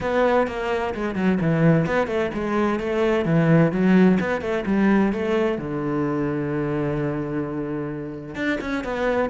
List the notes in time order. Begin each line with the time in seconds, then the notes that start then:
0.01 B3
0.47 A#3
0.94 G#3
1.15 F#3
1.40 E3
1.86 B3
2.07 A3
2.33 G#3
2.79 A3
3.25 E3
3.71 F#3
4.19 B3
4.41 A3
4.66 G3
5.12 A3
5.58 D3
8.35 D4
8.60 C#4
8.84 B3